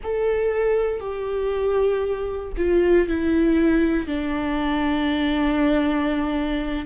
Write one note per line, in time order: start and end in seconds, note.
0.03 0.99 A4
0.99 2.52 G4
2.57 3.07 F4
3.07 4.07 E4
4.07 6.86 D4